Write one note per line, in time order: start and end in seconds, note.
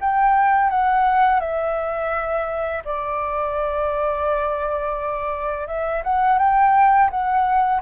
0.00 0.70 G5
0.70 1.40 F#5
1.40 2.83 E5
2.84 5.67 D5
5.67 6.03 E5
6.04 6.38 F#5
6.38 7.10 G5
7.10 7.81 F#5